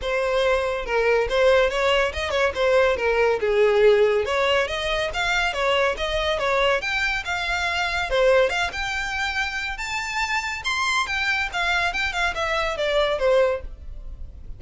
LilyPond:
\new Staff \with { instrumentName = "violin" } { \time 4/4 \tempo 4 = 141 c''2 ais'4 c''4 | cis''4 dis''8 cis''8 c''4 ais'4 | gis'2 cis''4 dis''4 | f''4 cis''4 dis''4 cis''4 |
g''4 f''2 c''4 | f''8 g''2~ g''8 a''4~ | a''4 c'''4 g''4 f''4 | g''8 f''8 e''4 d''4 c''4 | }